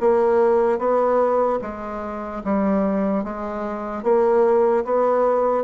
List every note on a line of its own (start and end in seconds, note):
0.00 0.78 A#3
0.78 1.59 B3
1.61 2.43 G#3
2.44 3.24 G3
3.24 4.03 G#3
4.03 4.84 A#3
4.84 5.64 B3